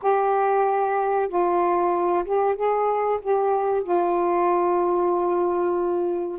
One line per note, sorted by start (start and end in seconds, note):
0.01 1.28 G4
1.28 2.24 F4
2.24 2.55 G4
2.55 3.19 G#4
3.21 3.83 G4
3.83 6.38 F4